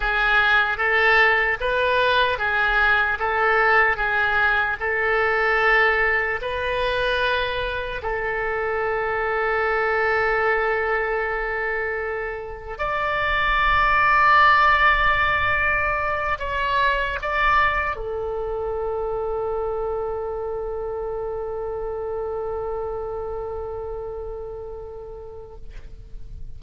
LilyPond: \new Staff \with { instrumentName = "oboe" } { \time 4/4 \tempo 4 = 75 gis'4 a'4 b'4 gis'4 | a'4 gis'4 a'2 | b'2 a'2~ | a'1 |
d''1~ | d''8 cis''4 d''4 a'4.~ | a'1~ | a'1 | }